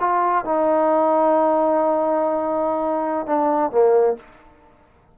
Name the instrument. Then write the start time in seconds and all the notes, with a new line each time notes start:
trombone
0.00 F4
0.45 D#4
3.27 D4
3.71 A#3